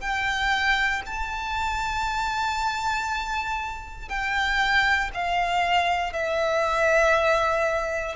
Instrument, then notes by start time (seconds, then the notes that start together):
violin
0.00 G5
1.05 A5
4.08 G5
5.14 F5
6.12 E5